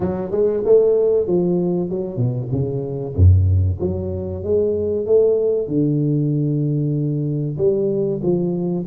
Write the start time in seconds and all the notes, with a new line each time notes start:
0.00 F#3
0.31 G#3
0.65 A3
1.27 F3
1.89 F#3
2.16 B2
2.51 C#3
3.15 F#2
3.80 F#3
4.43 G#3
5.06 A3
5.67 D3
7.57 G3
8.22 F3